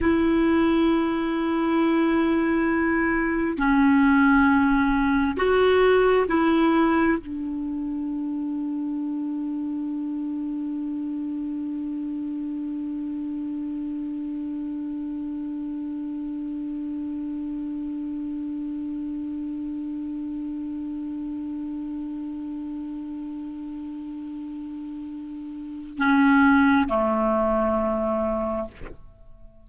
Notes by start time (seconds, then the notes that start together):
0.00 E4
3.57 C#4
5.36 F#4
6.28 E4
7.20 D4
25.97 C#4
26.88 A3